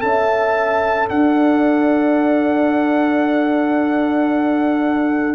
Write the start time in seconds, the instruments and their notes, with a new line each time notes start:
0.00 tuba C#4, trombone A4, horn E5, trumpet A5
1.10 tuba D4, horn D5, trumpet F#5